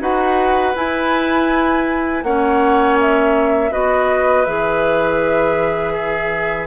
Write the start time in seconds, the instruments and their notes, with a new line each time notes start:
0.00 bassoon D#4, clarinet F#4, oboe B4, flute F#5
0.75 clarinet E4, bassoon E4, flute G#5
2.23 bassoon A#3, clarinet C#4, oboe C#5, flute F#5
3.00 flute E5
3.71 bassoon B3, clarinet F#4, oboe B4, flute D#5
4.45 bassoon E3, clarinet G#4, flute E5
5.93 oboe G#4